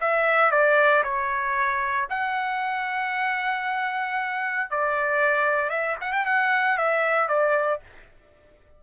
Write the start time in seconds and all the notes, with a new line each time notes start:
0.00 E5
0.51 D5
1.03 C#5
2.09 F#5
4.70 D5
5.69 E5
6.01 F#5
6.12 G5
6.25 F#5
6.77 E5
7.28 D5